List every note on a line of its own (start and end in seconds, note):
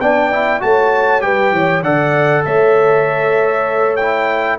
0.00 0.62 B3
0.00 0.32 D4
0.00 0.62 D5
0.00 0.61 G5
0.32 0.59 E4
0.59 1.22 A3
0.59 1.21 F#4
0.59 1.24 C#5
0.59 1.21 A5
1.21 1.52 G3
1.21 1.82 G4
1.21 1.54 B4
1.21 1.82 G5
1.52 1.82 E3
1.52 1.83 C#5
1.82 2.44 D3
1.82 3.98 A4
1.82 2.44 D5
1.82 2.44 F#5
2.45 4.59 A3
2.45 4.59 C#5
2.45 3.96 E5
3.96 4.59 E4
3.96 4.57 G5